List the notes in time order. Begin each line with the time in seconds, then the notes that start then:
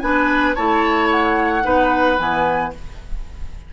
0.00 B3 D4 B4 G#5
0.55 A3 E4 C#5 A5
1.11 F#5
1.63 B3 D#4 B4
2.19 E3 B3 G#5